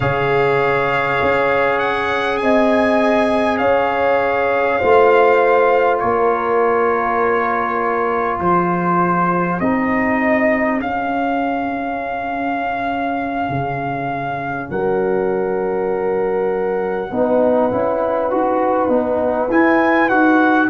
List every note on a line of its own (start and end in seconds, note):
0.00 1.20 C#3
0.00 4.80 G#4
0.00 2.40 C#5
0.00 1.79 F5
1.22 2.41 C#4
1.79 2.37 F#5
2.37 3.60 C4
2.37 3.59 D#5
2.37 3.57 G#5
3.57 4.80 C#4
3.57 4.79 C#5
3.57 5.97 F5
4.79 6.01 A3
4.79 9.61 F4
4.79 5.99 C5
5.99 8.39 A#3
5.99 8.40 A#4
5.99 8.39 C#5
8.39 9.59 F3
8.39 14.70 G#4
8.39 9.60 C5
9.60 10.80 C4
9.60 10.80 D#4
9.60 10.79 D#5
10.80 13.49 C#4
10.80 17.11 C#4
10.80 14.70 F5
13.49 14.69 C#3
14.70 17.10 F#3
14.70 17.10 A#4
14.70 19.50 F#5
17.10 17.71 B3
17.10 17.71 D#4
17.10 20.70 B4
17.71 18.31 C#4
17.71 18.30 E4
18.30 18.88 D#4
18.30 18.88 F#4
18.88 19.48 B3
18.88 19.48 D#4
19.50 20.09 E4
19.50 20.09 G#5
20.09 20.70 D#4
20.09 20.70 F#4
20.09 20.68 F#5